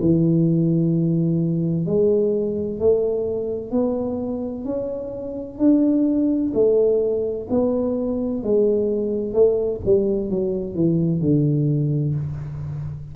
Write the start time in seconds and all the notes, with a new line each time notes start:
0.00 E3
1.86 G#3
2.79 A3
3.71 B3
4.64 C#4
5.58 D4
6.54 A3
7.50 B3
8.43 G#3
9.34 A3
9.85 G3
10.30 F#3
10.75 E3
11.21 D3